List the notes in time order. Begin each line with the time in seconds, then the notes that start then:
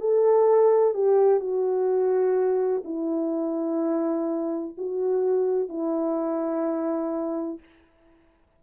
0.00 A4
0.94 G4
1.40 F#4
2.84 E4
4.78 F#4
5.69 E4